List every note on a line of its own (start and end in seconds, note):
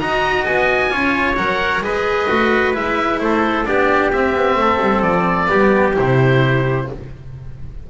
0.00 0.46 D#4
0.00 0.90 F#4
0.00 0.92 D#5
0.00 0.45 A#5
0.45 0.92 B3
0.45 1.37 G#5
0.90 1.38 C#4
0.90 1.35 F4
0.90 1.83 C#5
1.37 1.81 F#3
1.37 1.82 A#4
1.37 1.83 F#5
1.81 2.27 G#3
1.81 2.29 G#4
1.81 3.22 B4
1.81 2.75 D#5
2.29 2.75 A3
2.29 2.74 F#4
2.74 3.20 G#3
2.74 3.65 E4
2.74 3.21 E5
3.20 3.66 A3
3.20 3.68 A4
3.20 3.65 C5
3.65 4.13 B3
3.65 4.12 D4
3.65 4.60 G4
3.65 4.11 D5
4.13 5.47 C4
4.13 4.34 C4
4.13 5.02 E5
4.34 4.55 B3
4.55 4.78 A3
4.55 5.50 A4
4.81 5.02 G3
5.02 5.48 F3
5.02 5.94 D5
5.47 5.97 G3
5.47 5.93 B3
5.47 6.87 G4
5.94 6.90 C3
5.94 6.85 E4
5.94 6.89 C5